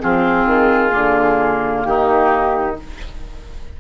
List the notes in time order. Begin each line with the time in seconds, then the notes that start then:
0.00 F3 C4 F4 G#4
0.46 D#3
0.90 D3 A#3
1.84 D#3 D#4 G4